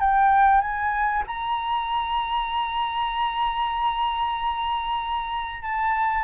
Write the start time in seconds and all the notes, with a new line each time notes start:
0.00 G5
0.61 G#5
1.26 A#5
5.62 A5